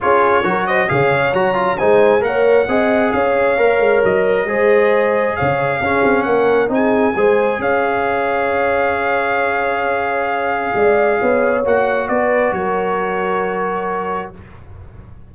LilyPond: <<
  \new Staff \with { instrumentName = "trumpet" } { \time 4/4 \tempo 4 = 134 cis''4. dis''8 f''4 ais''4 | gis''4 fis''2 f''4~ | f''4 dis''2. | f''2 fis''4 gis''4~ |
gis''4 f''2.~ | f''1~ | f''2 fis''4 d''4 | cis''1 | }
  \new Staff \with { instrumentName = "horn" } { \time 4/4 gis'4 ais'8 c''8 cis''2 | c''4 cis''4 dis''4 cis''4~ | cis''2 c''2 | cis''4 gis'4 ais'4 gis'4 |
c''4 cis''2.~ | cis''1 | d''4 cis''2 b'4 | ais'1 | }
  \new Staff \with { instrumentName = "trombone" } { \time 4/4 f'4 fis'4 gis'4 fis'8 f'8 | dis'4 ais'4 gis'2 | ais'2 gis'2~ | gis'4 cis'2 dis'4 |
gis'1~ | gis'1~ | gis'2 fis'2~ | fis'1 | }
  \new Staff \with { instrumentName = "tuba" } { \time 4/4 cis'4 fis4 cis4 fis4 | gis4 ais4 c'4 cis'4 | ais8 gis8 fis4 gis2 | cis4 cis'8 c'8 ais4 c'4 |
gis4 cis'2.~ | cis'1 | gis4 b4 ais4 b4 | fis1 | }
>>